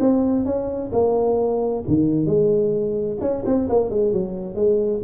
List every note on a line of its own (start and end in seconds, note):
0.00 0.45 C4
0.45 0.91 C#4
0.92 1.84 A#3
1.88 2.26 D#3
2.26 3.18 G#3
3.21 3.44 C#4
3.45 3.68 C4
3.69 3.90 A#3
3.90 4.13 G#3
4.13 4.55 F#3
4.55 5.01 G#3